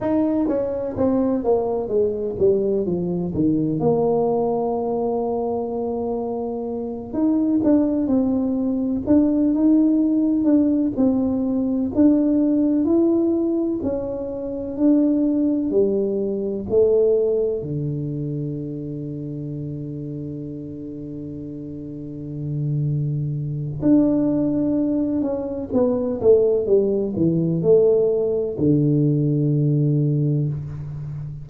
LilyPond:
\new Staff \with { instrumentName = "tuba" } { \time 4/4 \tempo 4 = 63 dis'8 cis'8 c'8 ais8 gis8 g8 f8 dis8 | ais2.~ ais8 dis'8 | d'8 c'4 d'8 dis'4 d'8 c'8~ | c'8 d'4 e'4 cis'4 d'8~ |
d'8 g4 a4 d4.~ | d1~ | d4 d'4. cis'8 b8 a8 | g8 e8 a4 d2 | }